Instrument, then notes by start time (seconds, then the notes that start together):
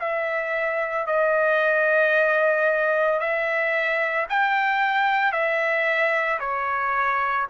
trumpet
0.00 E5
1.07 D#5
3.20 E5
4.30 G5
5.33 E5
6.40 C#5